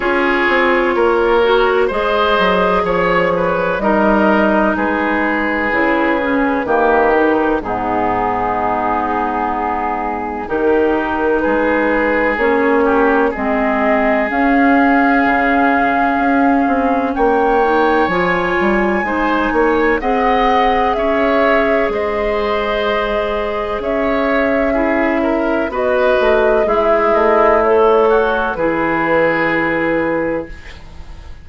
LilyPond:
<<
  \new Staff \with { instrumentName = "flute" } { \time 4/4 \tempo 4 = 63 cis''2 dis''4 cis''4 | dis''4 b'2. | gis'2. ais'4 | b'4 cis''4 dis''4 f''4~ |
f''2 g''4 gis''4~ | gis''4 fis''4 e''4 dis''4~ | dis''4 e''2 dis''4 | e''8 dis''8 cis''4 b'2 | }
  \new Staff \with { instrumentName = "oboe" } { \time 4/4 gis'4 ais'4 c''4 cis''8 b'8 | ais'4 gis'2 g'4 | dis'2. g'4 | gis'4. g'8 gis'2~ |
gis'2 cis''2 | c''8 cis''8 dis''4 cis''4 c''4~ | c''4 cis''4 gis'8 ais'8 b'4 | e'4. fis'8 gis'2 | }
  \new Staff \with { instrumentName = "clarinet" } { \time 4/4 f'4. fis'8 gis'2 | dis'2 e'8 cis'8 ais8 dis'8 | b2. dis'4~ | dis'4 cis'4 c'4 cis'4~ |
cis'2~ cis'8 dis'8 f'4 | dis'4 gis'2.~ | gis'2 e'4 fis'4 | gis'4 a'4 e'2 | }
  \new Staff \with { instrumentName = "bassoon" } { \time 4/4 cis'8 c'8 ais4 gis8 fis8 f4 | g4 gis4 cis4 dis4 | gis,2. dis4 | gis4 ais4 gis4 cis'4 |
cis4 cis'8 c'8 ais4 f8 g8 | gis8 ais8 c'4 cis'4 gis4~ | gis4 cis'2 b8 a8 | gis8 a4. e2 | }
>>